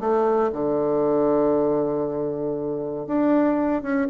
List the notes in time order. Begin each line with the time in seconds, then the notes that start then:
0.00 A3
0.52 D3
3.06 D4
3.82 C#4